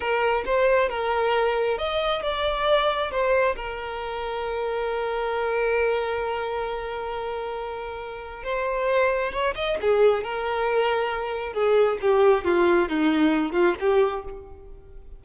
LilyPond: \new Staff \with { instrumentName = "violin" } { \time 4/4 \tempo 4 = 135 ais'4 c''4 ais'2 | dis''4 d''2 c''4 | ais'1~ | ais'1~ |
ais'2. c''4~ | c''4 cis''8 dis''8 gis'4 ais'4~ | ais'2 gis'4 g'4 | f'4 dis'4. f'8 g'4 | }